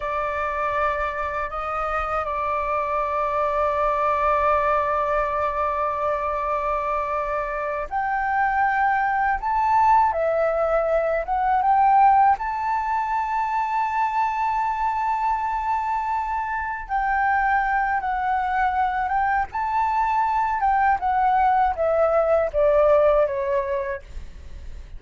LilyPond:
\new Staff \with { instrumentName = "flute" } { \time 4/4 \tempo 4 = 80 d''2 dis''4 d''4~ | d''1~ | d''2~ d''8 g''4.~ | g''8 a''4 e''4. fis''8 g''8~ |
g''8 a''2.~ a''8~ | a''2~ a''8 g''4. | fis''4. g''8 a''4. g''8 | fis''4 e''4 d''4 cis''4 | }